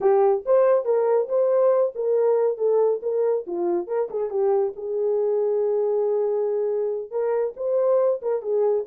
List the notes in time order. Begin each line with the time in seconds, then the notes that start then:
0.00 G4
0.45 C5
0.84 A#4
1.28 C5
1.95 A#4
2.57 A4
3.02 A#4
3.46 F4
3.87 A#4
4.10 G#4
4.30 G4
4.76 G#4
7.10 A#4
7.56 C5
8.22 A#4
8.42 G#4